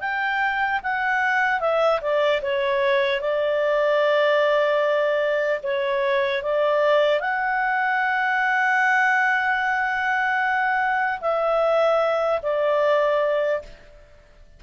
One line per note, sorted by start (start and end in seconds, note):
0.00 0.80 G5
0.83 1.60 F#5
1.60 2.00 E5
2.01 2.41 D5
2.42 3.21 C#5
3.21 5.61 D5
5.63 6.43 C#5
6.43 7.20 D5
7.20 11.20 F#5
11.21 12.41 E5
12.42 13.62 D5